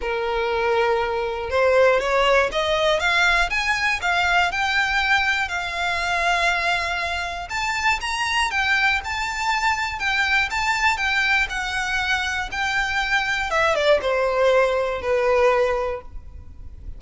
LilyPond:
\new Staff \with { instrumentName = "violin" } { \time 4/4 \tempo 4 = 120 ais'2. c''4 | cis''4 dis''4 f''4 gis''4 | f''4 g''2 f''4~ | f''2. a''4 |
ais''4 g''4 a''2 | g''4 a''4 g''4 fis''4~ | fis''4 g''2 e''8 d''8 | c''2 b'2 | }